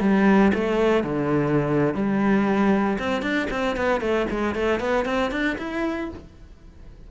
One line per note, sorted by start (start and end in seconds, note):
0.00 0.52 G3
0.54 1.04 A3
1.04 1.94 D3
1.94 2.98 G3
2.99 3.22 C4
3.22 3.47 D4
3.50 3.76 C4
3.76 4.01 B3
4.01 4.26 A3
4.30 4.54 G#3
4.54 4.80 A3
4.80 5.05 B3
5.05 5.31 C4
5.31 5.57 D4
5.58 6.09 E4